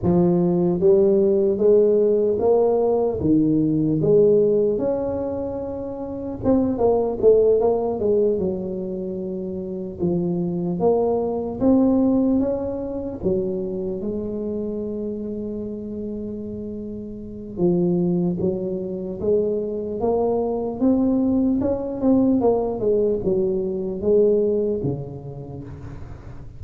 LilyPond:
\new Staff \with { instrumentName = "tuba" } { \time 4/4 \tempo 4 = 75 f4 g4 gis4 ais4 | dis4 gis4 cis'2 | c'8 ais8 a8 ais8 gis8 fis4.~ | fis8 f4 ais4 c'4 cis'8~ |
cis'8 fis4 gis2~ gis8~ | gis2 f4 fis4 | gis4 ais4 c'4 cis'8 c'8 | ais8 gis8 fis4 gis4 cis4 | }